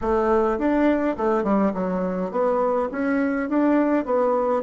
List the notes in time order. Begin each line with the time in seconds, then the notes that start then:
0.01 A3
0.58 D4
1.16 A3
1.43 G3
1.73 F#3
2.31 B3
2.91 C#4
3.49 D4
4.05 B3